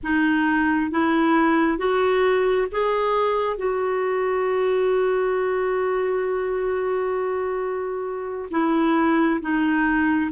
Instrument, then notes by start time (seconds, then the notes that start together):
clarinet
0.03 D#4
0.91 E4
1.78 F#4
2.71 G#4
3.56 F#4
8.50 E4
9.41 D#4